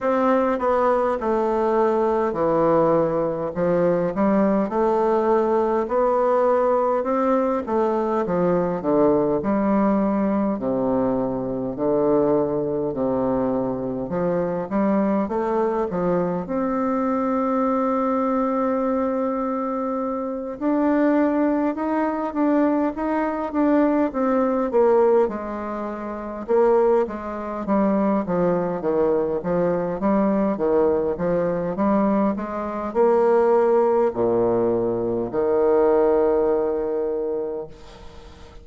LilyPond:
\new Staff \with { instrumentName = "bassoon" } { \time 4/4 \tempo 4 = 51 c'8 b8 a4 e4 f8 g8 | a4 b4 c'8 a8 f8 d8 | g4 c4 d4 c4 | f8 g8 a8 f8 c'2~ |
c'4. d'4 dis'8 d'8 dis'8 | d'8 c'8 ais8 gis4 ais8 gis8 g8 | f8 dis8 f8 g8 dis8 f8 g8 gis8 | ais4 ais,4 dis2 | }